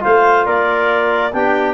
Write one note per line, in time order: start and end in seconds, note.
0.00 0.46 A3
0.00 1.31 F4
0.00 0.46 C5
0.00 0.45 F5
0.45 1.34 A#3
0.45 1.34 A#4
0.45 1.33 D5
1.33 1.74 B3
1.33 1.74 D4
1.33 1.74 G4
1.33 1.74 G5